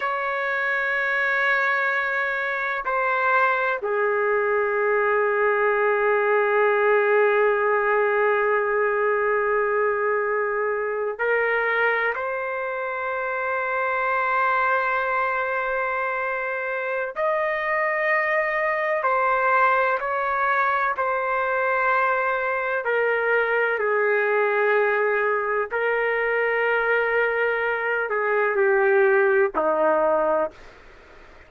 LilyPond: \new Staff \with { instrumentName = "trumpet" } { \time 4/4 \tempo 4 = 63 cis''2. c''4 | gis'1~ | gis'2.~ gis'8. ais'16~ | ais'8. c''2.~ c''16~ |
c''2 dis''2 | c''4 cis''4 c''2 | ais'4 gis'2 ais'4~ | ais'4. gis'8 g'4 dis'4 | }